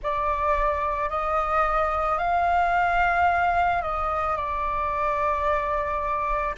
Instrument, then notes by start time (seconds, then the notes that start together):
flute
0.02 D5
1.09 D#5
2.18 F5
3.82 D#5
4.36 D5